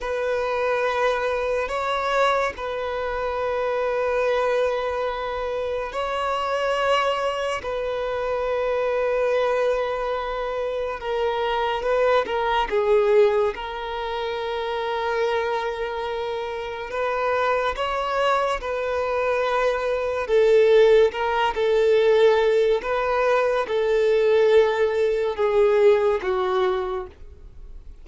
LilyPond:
\new Staff \with { instrumentName = "violin" } { \time 4/4 \tempo 4 = 71 b'2 cis''4 b'4~ | b'2. cis''4~ | cis''4 b'2.~ | b'4 ais'4 b'8 ais'8 gis'4 |
ais'1 | b'4 cis''4 b'2 | a'4 ais'8 a'4. b'4 | a'2 gis'4 fis'4 | }